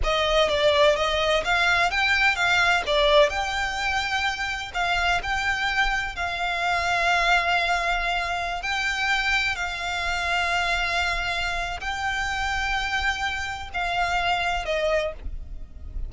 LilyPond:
\new Staff \with { instrumentName = "violin" } { \time 4/4 \tempo 4 = 127 dis''4 d''4 dis''4 f''4 | g''4 f''4 d''4 g''4~ | g''2 f''4 g''4~ | g''4 f''2.~ |
f''2~ f''16 g''4.~ g''16~ | g''16 f''2.~ f''8.~ | f''4 g''2.~ | g''4 f''2 dis''4 | }